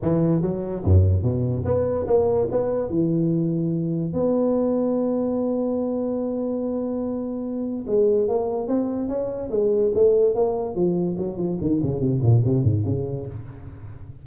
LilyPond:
\new Staff \with { instrumentName = "tuba" } { \time 4/4 \tempo 4 = 145 e4 fis4 fis,4 b,4 | b4 ais4 b4 e4~ | e2 b2~ | b1~ |
b2. gis4 | ais4 c'4 cis'4 gis4 | a4 ais4 f4 fis8 f8 | dis8 cis8 c8 ais,8 c8 gis,8 cis4 | }